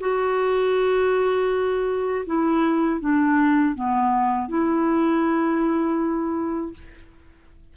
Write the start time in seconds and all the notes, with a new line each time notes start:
0.00 F#4
2.26 E4
3.00 D4
3.75 B3
4.48 E4